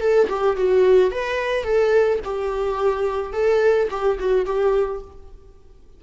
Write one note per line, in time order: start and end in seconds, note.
0.00 0.28 A4
0.29 0.56 G4
0.56 1.11 F#4
1.11 1.63 B4
1.63 2.19 A4
2.24 3.32 G4
3.32 3.88 A4
3.90 4.18 G4
4.19 4.45 F#4
4.45 5.01 G4